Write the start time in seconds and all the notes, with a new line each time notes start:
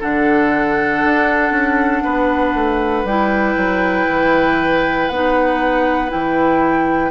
0.00 D3 D4 A4 F#5
1.04 D4
1.51 C#4
2.04 B3 B4
2.54 A3
3.04 G3 E4 G5
3.56 F#3
4.08 E3
5.08 B3 D#4 F#5
6.09 E3 E4 G5